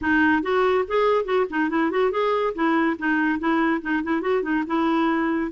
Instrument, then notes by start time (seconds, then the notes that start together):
clarinet
0.01 D#4
0.42 F#4
0.87 G#4
1.24 F#4
1.50 D#4
1.69 E4
1.91 F#4
2.11 G#4
2.54 E4
2.98 D#4
3.39 E4
3.81 D#4
4.03 E4
4.21 F#4
4.42 D#4
4.67 E4